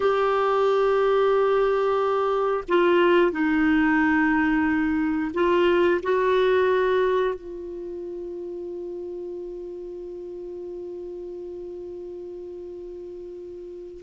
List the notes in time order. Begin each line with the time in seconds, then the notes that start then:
0.00 G4
2.68 F4
3.32 D#4
5.34 F4
6.02 F#4
7.34 F4